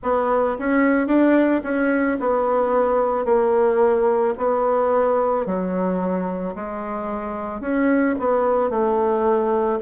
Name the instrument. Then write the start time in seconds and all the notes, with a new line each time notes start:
bassoon
0.02 B3
0.59 C#4
1.07 D4
1.63 C#4
2.20 B3
3.25 A#3
4.37 B3
5.45 F#3
6.55 G#3
7.61 C#4
8.19 B3
8.70 A3